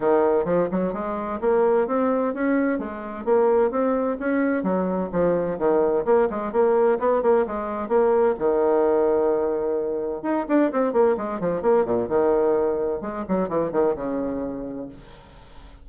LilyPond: \new Staff \with { instrumentName = "bassoon" } { \time 4/4 \tempo 4 = 129 dis4 f8 fis8 gis4 ais4 | c'4 cis'4 gis4 ais4 | c'4 cis'4 fis4 f4 | dis4 ais8 gis8 ais4 b8 ais8 |
gis4 ais4 dis2~ | dis2 dis'8 d'8 c'8 ais8 | gis8 f8 ais8 ais,8 dis2 | gis8 fis8 e8 dis8 cis2 | }